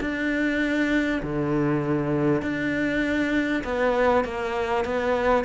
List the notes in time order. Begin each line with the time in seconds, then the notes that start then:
0.00 D4
1.22 D3
2.42 D4
3.64 B3
4.24 A#3
4.85 B3